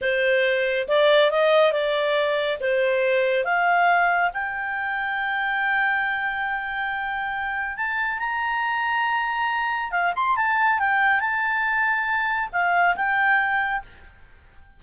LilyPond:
\new Staff \with { instrumentName = "clarinet" } { \time 4/4 \tempo 4 = 139 c''2 d''4 dis''4 | d''2 c''2 | f''2 g''2~ | g''1~ |
g''2 a''4 ais''4~ | ais''2. f''8 c'''8 | a''4 g''4 a''2~ | a''4 f''4 g''2 | }